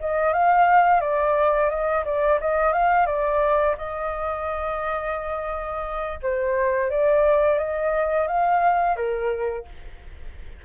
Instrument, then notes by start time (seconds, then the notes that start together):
flute
0.00 D#5
0.33 F5
1.00 D5
1.70 D#5
2.05 D5
2.40 D#5
2.72 F5
3.06 D5
3.77 D#5
6.22 C5
6.90 D5
7.58 D#5
8.27 F5
8.96 A#4